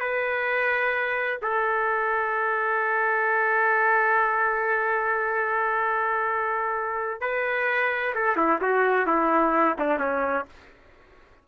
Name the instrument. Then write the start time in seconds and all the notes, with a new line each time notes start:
trumpet
0.00 B4
1.42 A4
7.21 B4
8.15 A4
8.36 E4
8.61 F#4
9.06 E4
9.79 D4
9.99 C#4